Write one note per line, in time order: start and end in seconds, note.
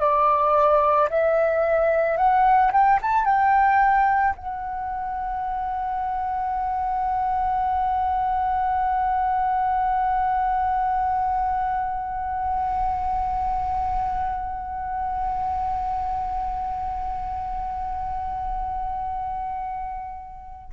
0.00 1.09 D5
1.10 2.17 E5
2.17 2.72 F#5
2.72 3.00 G5
3.02 3.25 A5
3.25 4.34 G5
4.36 20.73 F#5